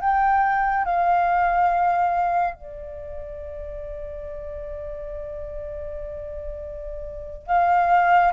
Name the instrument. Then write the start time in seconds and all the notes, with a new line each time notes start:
flute
0.00 G5
0.85 F5
2.54 D5
7.46 F5